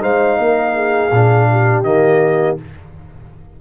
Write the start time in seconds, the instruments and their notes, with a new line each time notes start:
0.00 tuba G#3, trombone D#4, horn C5, trumpet F5
0.38 tuba A#3, horn A#4
0.75 horn G#4
1.11 tuba A#2, trombone D4
1.51 horn G4
1.83 tuba D#3, trombone A#3, trumpet D#5